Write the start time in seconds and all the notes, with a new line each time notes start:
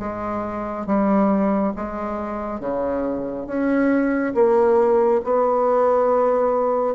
0.00 G#3
0.87 G3
1.77 G#3
2.60 C#3
3.47 C#4
4.35 A#3
5.25 B3